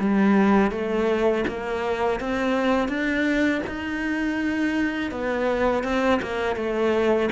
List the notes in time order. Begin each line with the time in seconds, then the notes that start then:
0.00 G3
0.72 A3
1.48 A#3
2.20 C4
2.89 D4
3.67 D#4
5.12 B3
5.84 C4
6.22 A#3
6.57 A3